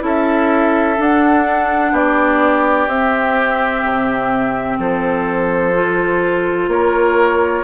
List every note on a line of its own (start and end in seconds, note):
0.00 0.98 C#4
0.00 0.95 E4
0.00 1.92 A4
0.07 1.02 E5
0.98 2.88 D4
0.98 1.92 D4
0.98 1.96 F#5
1.92 2.87 B3
1.92 4.78 G4
1.92 2.88 D5
2.87 3.83 C4
2.87 5.74 C4
2.87 4.79 E5
3.85 4.79 C3
4.79 6.68 F3
4.79 6.70 A4
4.79 6.70 C5
5.74 7.64 F4
6.68 7.63 A#3
6.68 7.64 A#4
6.68 7.64 C#5